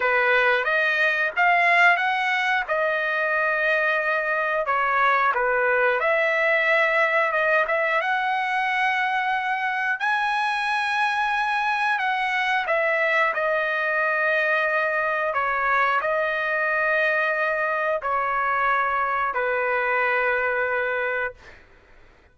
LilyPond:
\new Staff \with { instrumentName = "trumpet" } { \time 4/4 \tempo 4 = 90 b'4 dis''4 f''4 fis''4 | dis''2. cis''4 | b'4 e''2 dis''8 e''8 | fis''2. gis''4~ |
gis''2 fis''4 e''4 | dis''2. cis''4 | dis''2. cis''4~ | cis''4 b'2. | }